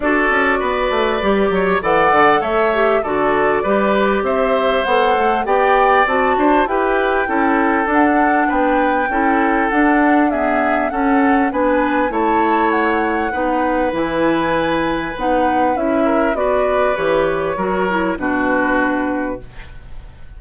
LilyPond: <<
  \new Staff \with { instrumentName = "flute" } { \time 4/4 \tempo 4 = 99 d''2. fis''4 | e''4 d''2 e''4 | fis''4 g''4 a''4 g''4~ | g''4 fis''4 g''2 |
fis''4 e''4 fis''4 gis''4 | a''4 fis''2 gis''4~ | gis''4 fis''4 e''4 d''4 | cis''2 b'2 | }
  \new Staff \with { instrumentName = "oboe" } { \time 4/4 a'4 b'4. cis''8 d''4 | cis''4 a'4 b'4 c''4~ | c''4 d''4. c''8 b'4 | a'2 b'4 a'4~ |
a'4 gis'4 a'4 b'4 | cis''2 b'2~ | b'2~ b'8 ais'8 b'4~ | b'4 ais'4 fis'2 | }
  \new Staff \with { instrumentName = "clarinet" } { \time 4/4 fis'2 g'4 a'4~ | a'8 g'8 fis'4 g'2 | a'4 g'4 fis'4 g'4 | e'4 d'2 e'4 |
d'4 b4 cis'4 d'4 | e'2 dis'4 e'4~ | e'4 dis'4 e'4 fis'4 | g'4 fis'8 e'8 d'2 | }
  \new Staff \with { instrumentName = "bassoon" } { \time 4/4 d'8 cis'8 b8 a8 g8 fis8 e8 d8 | a4 d4 g4 c'4 | b8 a8 b4 c'8 d'8 e'4 | cis'4 d'4 b4 cis'4 |
d'2 cis'4 b4 | a2 b4 e4~ | e4 b4 cis'4 b4 | e4 fis4 b,2 | }
>>